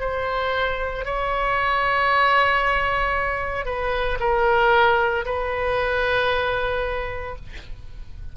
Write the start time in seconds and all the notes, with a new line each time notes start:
0.00 C5
1.06 C#5
3.66 B4
4.21 A#4
5.26 B4